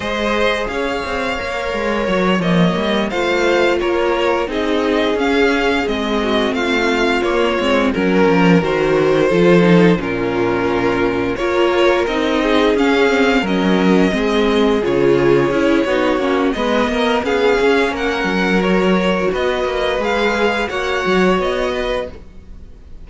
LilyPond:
<<
  \new Staff \with { instrumentName = "violin" } { \time 4/4 \tempo 4 = 87 dis''4 f''2 cis''8 dis''8~ | dis''8 f''4 cis''4 dis''4 f''8~ | f''8 dis''4 f''4 cis''4 ais'8~ | ais'8 c''2 ais'4.~ |
ais'8 cis''4 dis''4 f''4 dis''8~ | dis''4. cis''2~ cis''8 | dis''4 f''4 fis''4 cis''4 | dis''4 f''4 fis''4 dis''4 | }
  \new Staff \with { instrumentName = "violin" } { \time 4/4 c''4 cis''2.~ | cis''8 c''4 ais'4 gis'4.~ | gis'4 fis'8 f'2 ais'8~ | ais'4. a'4 f'4.~ |
f'8 ais'4. gis'4. ais'8~ | ais'8 gis'2~ gis'8 fis'4 | b'8 ais'8 gis'4 ais'2 | b'2 cis''4. b'8 | }
  \new Staff \with { instrumentName = "viola" } { \time 4/4 gis'2 ais'4. ais8~ | ais8 f'2 dis'4 cis'8~ | cis'8 c'2 ais8 c'8 cis'8~ | cis'8 fis'4 f'8 dis'8 cis'4.~ |
cis'8 f'4 dis'4 cis'8 c'8 cis'8~ | cis'8 c'4 f'4 e'8 dis'8 cis'8 | b4 cis'2 fis'4~ | fis'4 gis'4 fis'2 | }
  \new Staff \with { instrumentName = "cello" } { \time 4/4 gis4 cis'8 c'8 ais8 gis8 fis8 f8 | g8 a4 ais4 c'4 cis'8~ | cis'8 gis4 a4 ais8 gis8 fis8 | f8 dis4 f4 ais,4.~ |
ais,8 ais4 c'4 cis'4 fis8~ | fis8 gis4 cis4 cis'8 b8 ais8 | gis8 ais8 b8 cis'8 ais8 fis4. | b8 ais8 gis4 ais8 fis8 b4 | }
>>